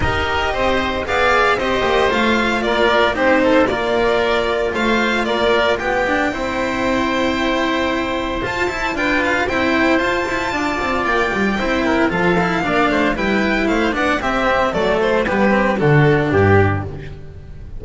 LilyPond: <<
  \new Staff \with { instrumentName = "violin" } { \time 4/4 \tempo 4 = 114 dis''2 f''4 dis''4 | f''4 d''4 c''4 d''4~ | d''4 f''4 d''4 g''4~ | g''1 |
a''4 g''8 f''8 g''4 a''4~ | a''4 g''2 f''4~ | f''4 g''4 f''8 fis''8 e''4 | d''8 c''8 b'4 a'4 g'4 | }
  \new Staff \with { instrumentName = "oboe" } { \time 4/4 ais'4 c''4 d''4 c''4~ | c''4 ais'4 g'8 a'8 ais'4~ | ais'4 c''4 ais'4 g'4 | c''1~ |
c''4 b'4 c''2 | d''2 c''8 ais'8 a'4 | d''8 c''8 b'4 c''8 d''8 g'4 | a'4 g'4 fis'4 g'4 | }
  \new Staff \with { instrumentName = "cello" } { \time 4/4 g'2 gis'4 g'4 | f'2 dis'4 f'4~ | f'2.~ f'8 d'8 | e'1 |
f'8 e'8 f'4 e'4 f'4~ | f'2 e'4 f'8 e'8 | d'4 e'4. d'8 c'4 | a4 b8 c'8 d'2 | }
  \new Staff \with { instrumentName = "double bass" } { \time 4/4 dis'4 c'4 b4 c'8 ais8 | a4 ais4 c'4 ais4~ | ais4 a4 ais4 b4 | c'1 |
f'8 e'8 d'4 c'4 f'8 e'8 | d'8 c'8 ais8 g8 c'4 f4 | ais8 a8 g4 a8 b8 c'4 | fis4 g4 d4 g,4 | }
>>